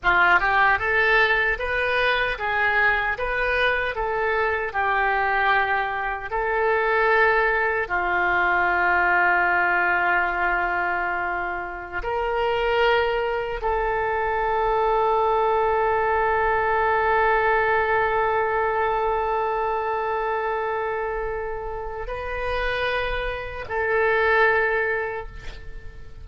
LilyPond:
\new Staff \with { instrumentName = "oboe" } { \time 4/4 \tempo 4 = 76 f'8 g'8 a'4 b'4 gis'4 | b'4 a'4 g'2 | a'2 f'2~ | f'2.~ f'16 ais'8.~ |
ais'4~ ais'16 a'2~ a'8.~ | a'1~ | a'1 | b'2 a'2 | }